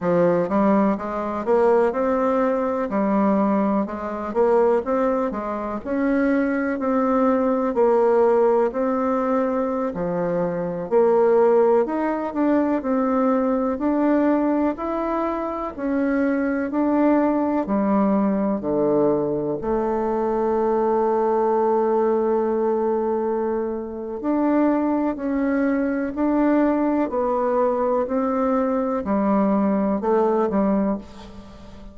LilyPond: \new Staff \with { instrumentName = "bassoon" } { \time 4/4 \tempo 4 = 62 f8 g8 gis8 ais8 c'4 g4 | gis8 ais8 c'8 gis8 cis'4 c'4 | ais4 c'4~ c'16 f4 ais8.~ | ais16 dis'8 d'8 c'4 d'4 e'8.~ |
e'16 cis'4 d'4 g4 d8.~ | d16 a2.~ a8.~ | a4 d'4 cis'4 d'4 | b4 c'4 g4 a8 g8 | }